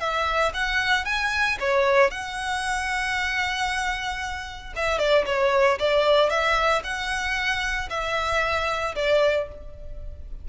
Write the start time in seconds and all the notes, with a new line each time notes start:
0.00 E5
0.54 F#5
1.06 G#5
1.60 C#5
2.11 F#5
4.76 E5
4.99 D5
5.26 C#5
5.79 D5
6.30 E5
6.84 F#5
7.90 E5
8.96 D5